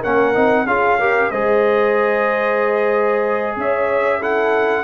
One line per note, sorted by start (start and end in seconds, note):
0.00 0.36 A#3
0.00 0.34 C#4
0.00 0.65 A#4
0.00 0.67 F#5
0.34 0.67 C4
0.34 0.66 D#4
0.67 1.31 C#4
0.67 0.99 F4
0.67 0.99 G#4
0.67 1.31 F5
0.99 1.32 G4
0.99 1.31 A#4
1.31 3.56 G#3
1.31 4.21 G#4
1.31 3.57 C5
1.31 3.57 D#5
3.56 4.84 C#4
3.56 4.19 C#5
3.56 4.23 E5
4.19 4.84 E4
4.19 4.84 A4
4.19 4.84 F#5